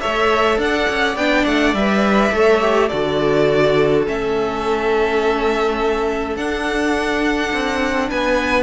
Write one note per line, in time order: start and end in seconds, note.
0.00 0.57 A3
0.00 1.16 A4
0.00 0.59 C#5
0.00 0.58 E5
0.57 0.86 D4
0.57 1.16 F#5
0.63 2.35 D5
0.89 1.16 C#4
1.16 1.45 B3
1.16 1.75 D4
1.16 1.45 G5
1.45 1.74 A3
1.45 1.74 F#5
1.74 2.31 G3
1.74 2.31 B4
1.74 2.88 E5
2.31 2.90 A3
2.31 2.60 A4
2.31 2.89 C#5
2.60 2.89 G4
2.88 4.07 D3
2.88 4.06 F#4
2.88 8.08 A4
2.88 4.03 D5
4.06 6.36 A3
4.06 6.37 C#4
4.06 6.36 E5
6.36 7.51 D4
6.36 8.62 D4
6.36 8.09 F#5
7.53 8.10 C4
8.09 8.62 B3
8.09 8.62 B4
8.09 8.62 G#5